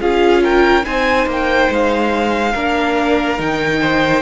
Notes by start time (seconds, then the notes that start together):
0.00 C#4 F4 G#4 F5
0.43 A#4 G5
0.83 C4 D#4 C5 G#5
1.26 A#3 G5
1.69 G#3 F5
2.52 A#3 D4 A#4
3.37 D#3 D#4 G5
3.81 C5